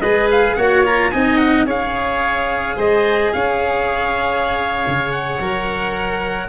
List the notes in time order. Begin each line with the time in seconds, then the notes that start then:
0.00 G#3 G#4 B4 D#5
0.31 F5
0.55 A#3 F#4 C#5 F#5
0.85 F4 A#5
1.11 C4 D#4 D#5 G#5
1.37 F#5
1.65 C#4 G#4 C#5 F5
2.76 G#3 C5 D#5
3.33 C#4 C#5 F5
4.87 C#3
5.11 F#5
5.39 F#3 A#4